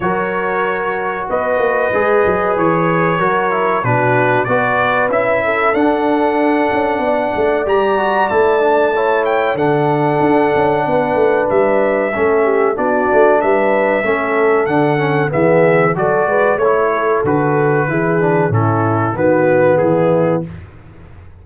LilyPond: <<
  \new Staff \with { instrumentName = "trumpet" } { \time 4/4 \tempo 4 = 94 cis''2 dis''2 | cis''2 b'4 d''4 | e''4 fis''2. | ais''4 a''4. g''8 fis''4~ |
fis''2 e''2 | d''4 e''2 fis''4 | e''4 d''4 cis''4 b'4~ | b'4 a'4 b'4 gis'4 | }
  \new Staff \with { instrumentName = "horn" } { \time 4/4 ais'2 b'2~ | b'4 ais'4 fis'4 b'4~ | b'8 a'2~ a'8 d''4~ | d''2 cis''4 a'4~ |
a'4 b'2 a'8 g'8 | fis'4 b'4 a'2 | gis'4 a'8 b'8 cis''8 a'4. | gis'4 e'4 fis'4 e'4 | }
  \new Staff \with { instrumentName = "trombone" } { \time 4/4 fis'2. gis'4~ | gis'4 fis'8 e'8 d'4 fis'4 | e'4 d'2. | g'8 fis'8 e'8 d'8 e'4 d'4~ |
d'2. cis'4 | d'2 cis'4 d'8 cis'8 | b4 fis'4 e'4 fis'4 | e'8 d'8 cis'4 b2 | }
  \new Staff \with { instrumentName = "tuba" } { \time 4/4 fis2 b8 ais8 gis8 fis8 | e4 fis4 b,4 b4 | cis'4 d'4. cis'8 b8 a8 | g4 a2 d4 |
d'8 cis'8 b8 a8 g4 a4 | b8 a8 g4 a4 d4 | e4 fis8 gis8 a4 d4 | e4 a,4 dis4 e4 | }
>>